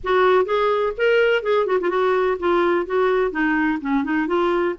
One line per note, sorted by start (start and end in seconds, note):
0.03 0.45 F#4
0.45 0.92 G#4
0.97 1.43 A#4
1.43 1.66 G#4
1.66 1.78 F#4
1.80 1.89 F4
1.89 2.37 F#4
2.39 2.85 F4
2.85 3.31 F#4
3.31 3.78 D#4
3.81 4.04 C#4
4.04 4.27 D#4
4.27 4.75 F4